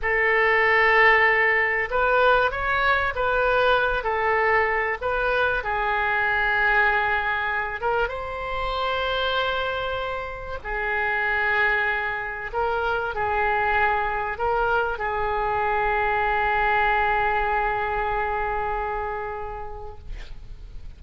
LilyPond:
\new Staff \with { instrumentName = "oboe" } { \time 4/4 \tempo 4 = 96 a'2. b'4 | cis''4 b'4. a'4. | b'4 gis'2.~ | gis'8 ais'8 c''2.~ |
c''4 gis'2. | ais'4 gis'2 ais'4 | gis'1~ | gis'1 | }